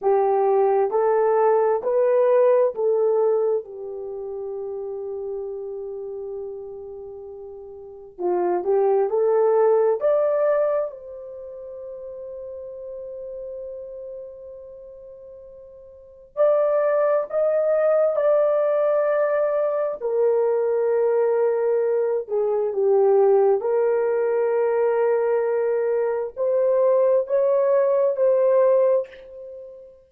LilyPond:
\new Staff \with { instrumentName = "horn" } { \time 4/4 \tempo 4 = 66 g'4 a'4 b'4 a'4 | g'1~ | g'4 f'8 g'8 a'4 d''4 | c''1~ |
c''2 d''4 dis''4 | d''2 ais'2~ | ais'8 gis'8 g'4 ais'2~ | ais'4 c''4 cis''4 c''4 | }